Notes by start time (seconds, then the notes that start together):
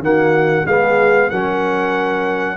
0.00 D#3 A#3 F#4 F#5
0.64 G#3 B3 G#4 F5
1.30 F#3 C#4 A#4 F#5